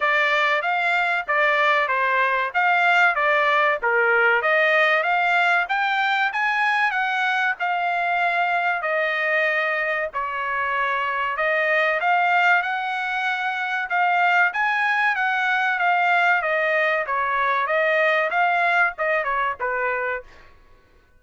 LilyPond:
\new Staff \with { instrumentName = "trumpet" } { \time 4/4 \tempo 4 = 95 d''4 f''4 d''4 c''4 | f''4 d''4 ais'4 dis''4 | f''4 g''4 gis''4 fis''4 | f''2 dis''2 |
cis''2 dis''4 f''4 | fis''2 f''4 gis''4 | fis''4 f''4 dis''4 cis''4 | dis''4 f''4 dis''8 cis''8 b'4 | }